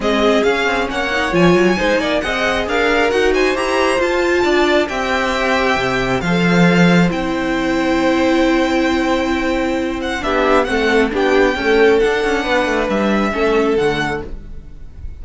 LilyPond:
<<
  \new Staff \with { instrumentName = "violin" } { \time 4/4 \tempo 4 = 135 dis''4 f''4 fis''4 gis''4~ | gis''4 fis''4 f''4 fis''8 gis''8 | ais''4 a''2 g''4~ | g''2 f''2 |
g''1~ | g''2~ g''8 fis''8 e''4 | fis''4 g''2 fis''4~ | fis''4 e''2 fis''4 | }
  \new Staff \with { instrumentName = "violin" } { \time 4/4 gis'2 cis''2 | c''8 d''8 dis''4 ais'4. c''8~ | c''2 d''4 e''4~ | e''2 c''2~ |
c''1~ | c''2. g'4 | a'4 g'4 a'2 | b'2 a'2 | }
  \new Staff \with { instrumentName = "viola" } { \time 4/4 c'4 cis'4. dis'8 f'4 | dis'4 gis'2 fis'4 | g'4 f'2 g'4~ | g'2 a'2 |
e'1~ | e'2. d'4 | c'4 d'4 a4 d'4~ | d'2 cis'4 a4 | }
  \new Staff \with { instrumentName = "cello" } { \time 4/4 gis4 cis'8 c'8 ais4 f8 fis8 | gis8 ais8 c'4 d'4 dis'4 | e'4 f'4 d'4 c'4~ | c'4 c4 f2 |
c'1~ | c'2. b4 | a4 b4 cis'4 d'8 cis'8 | b8 a8 g4 a4 d4 | }
>>